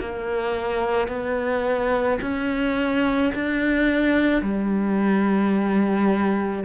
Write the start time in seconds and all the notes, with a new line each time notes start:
0.00 A#3
1.08 B3
2.22 C#4
3.35 D4
4.42 G3